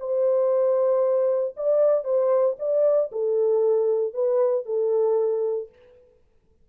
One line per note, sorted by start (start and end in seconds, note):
0.00 1.55 C5
1.57 2.05 D5
2.05 2.56 C5
2.60 3.11 D5
3.12 4.14 A4
4.14 4.66 B4
4.66 5.69 A4